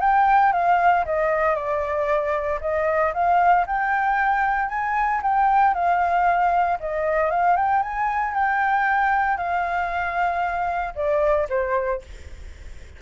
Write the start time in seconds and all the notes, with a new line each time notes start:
0.00 G5
0.52 F5
1.05 D#5
1.55 D5
2.60 D#5
3.13 F5
3.66 G5
4.68 G#5
5.22 G5
5.73 F5
6.79 D#5
7.30 F5
7.56 G5
7.82 G#5
8.34 G5
9.37 F5
10.95 D5
11.49 C5